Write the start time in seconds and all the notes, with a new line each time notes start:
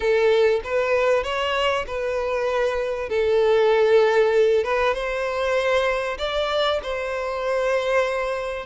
0.00 A4
0.64 B4
1.23 C#5
1.86 B4
3.09 A4
4.64 B4
4.93 C5
6.18 D5
6.82 C5